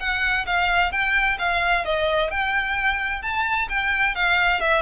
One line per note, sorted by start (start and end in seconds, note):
0.00 0.46 F#5
0.47 0.92 F5
0.92 1.38 G5
1.39 1.85 F5
1.85 2.31 D#5
2.31 3.22 G5
3.22 3.69 A5
3.69 4.15 G5
4.15 4.61 F5
4.61 4.82 E5